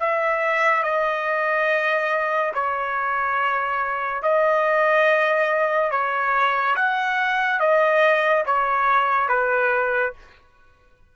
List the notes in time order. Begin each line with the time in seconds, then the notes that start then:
0.00 E5
0.83 D#5
2.55 C#5
4.23 D#5
5.92 C#5
6.76 F#5
7.60 D#5
8.46 C#5
9.29 B4